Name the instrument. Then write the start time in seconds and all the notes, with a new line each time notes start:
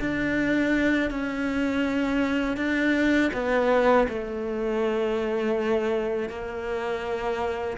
cello
0.00 D4
1.10 C#4
2.57 D4
3.33 B3
4.08 A3
6.29 A#3